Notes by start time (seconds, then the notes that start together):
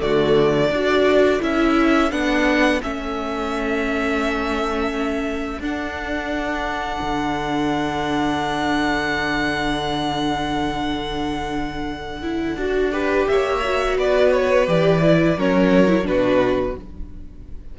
0.00 D3 A3 F#4 D5
0.71 D4 F#4 A4
1.41 C#4 E4 E5
2.11 B3 D4 F#5
2.83 A3 C#4 E5
5.60 D4 F#5
7.02 D3
12.23 E4
12.57 D4 F#4
12.92 G4 B4
13.28 A#3 C#5 E5
13.65 F#4
13.99 B3 B4 D5
14.33 C#5
14.67 E3 G4 D5
15.03 E4
15.37 F#3 C#4 A#4 C#5
15.88 E4
16.03 B2 D4 F#4 B4